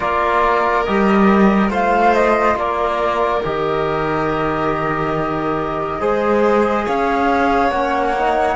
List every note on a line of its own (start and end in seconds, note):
0.00 0.87 A#3
0.00 0.86 F4
0.00 1.70 A#4
0.00 0.84 D5
0.84 1.70 G3
0.84 1.69 G4
0.84 1.70 D#5
1.69 2.55 A3
1.69 3.41 F4
1.69 2.56 C5
1.69 2.14 F5
2.14 2.57 D#5
2.55 3.40 A#3
2.55 5.99 A#4
2.55 3.43 D5
3.43 6.00 D#3
3.43 6.00 G4
3.43 6.87 D#5
5.99 6.86 G#3
5.99 7.71 G#4
5.99 6.85 C5
6.85 7.71 C#4
6.85 8.55 C#5
6.85 7.70 F5
7.70 8.55 A#3
7.70 8.16 C#4
7.70 8.55 F#5
8.17 8.55 D#4